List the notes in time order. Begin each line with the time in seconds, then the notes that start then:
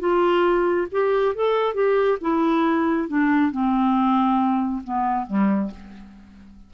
0.00 F4
0.91 G4
1.35 A4
1.74 G4
2.21 E4
3.08 D4
3.51 C4
4.84 B3
5.27 G3